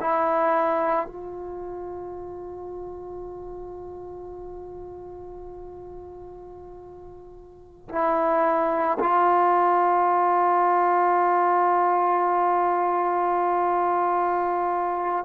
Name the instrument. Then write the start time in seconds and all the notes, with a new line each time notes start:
trombone
0.00 E4
1.07 F4
7.88 E4
8.99 F4